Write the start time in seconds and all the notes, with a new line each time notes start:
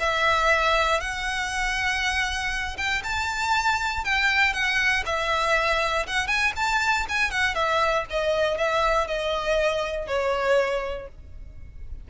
0.00 E5
1.01 F#5
2.78 G5
3.04 A5
4.05 G5
4.54 F#5
5.06 E5
6.07 F#5
6.28 G#5
6.57 A5
7.09 G#5
7.31 F#5
7.55 E5
8.10 D#5
8.58 E5
9.08 D#5
10.08 C#5